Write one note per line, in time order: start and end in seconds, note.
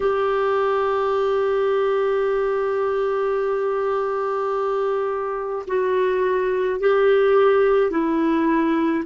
0.00 5.65 G4
5.67 6.80 F#4
6.80 7.90 G4
7.90 9.04 E4